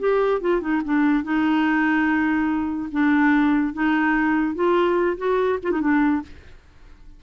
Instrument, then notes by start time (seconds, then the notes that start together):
clarinet
0.00 G4
0.41 F4
0.62 D#4
0.85 D4
1.24 D#4
2.92 D4
3.74 D#4
4.55 F4
5.18 F#4
5.64 F4
5.72 D#4
5.81 D4